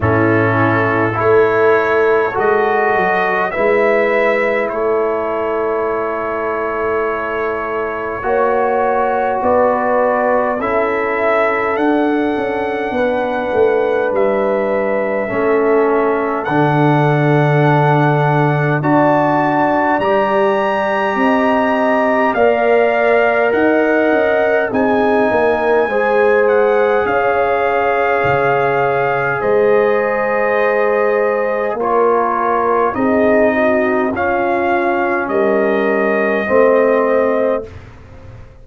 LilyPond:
<<
  \new Staff \with { instrumentName = "trumpet" } { \time 4/4 \tempo 4 = 51 a'4 cis''4 dis''4 e''4 | cis''1 | d''4 e''4 fis''2 | e''2 fis''2 |
a''4 ais''2 f''4 | fis''4 gis''4. fis''8 f''4~ | f''4 dis''2 cis''4 | dis''4 f''4 dis''2 | }
  \new Staff \with { instrumentName = "horn" } { \time 4/4 e'4 a'2 b'4 | a'2. cis''4 | b'4 a'2 b'4~ | b'4 a'2. |
d''2 dis''4 d''4 | dis''4 gis'8 ais'8 c''4 cis''4~ | cis''4 c''2 ais'4 | gis'8 fis'8 f'4 ais'4 c''4 | }
  \new Staff \with { instrumentName = "trombone" } { \time 4/4 cis'4 e'4 fis'4 e'4~ | e'2. fis'4~ | fis'4 e'4 d'2~ | d'4 cis'4 d'2 |
fis'4 g'2 ais'4~ | ais'4 dis'4 gis'2~ | gis'2. f'4 | dis'4 cis'2 c'4 | }
  \new Staff \with { instrumentName = "tuba" } { \time 4/4 a,4 a4 gis8 fis8 gis4 | a2. ais4 | b4 cis'4 d'8 cis'8 b8 a8 | g4 a4 d2 |
d'4 g4 c'4 ais4 | dis'8 cis'8 c'8 ais8 gis4 cis'4 | cis4 gis2 ais4 | c'4 cis'4 g4 a4 | }
>>